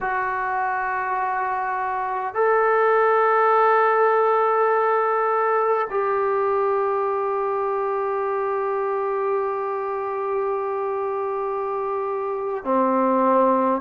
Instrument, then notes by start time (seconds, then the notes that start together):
trombone
0.01 F#4
2.34 A4
5.90 G4
12.64 C4